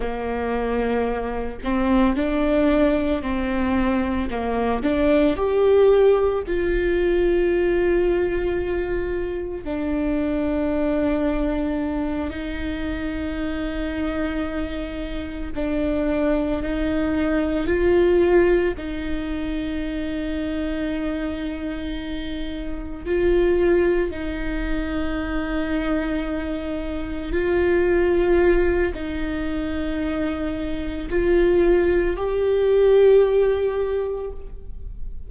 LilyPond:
\new Staff \with { instrumentName = "viola" } { \time 4/4 \tempo 4 = 56 ais4. c'8 d'4 c'4 | ais8 d'8 g'4 f'2~ | f'4 d'2~ d'8 dis'8~ | dis'2~ dis'8 d'4 dis'8~ |
dis'8 f'4 dis'2~ dis'8~ | dis'4. f'4 dis'4.~ | dis'4. f'4. dis'4~ | dis'4 f'4 g'2 | }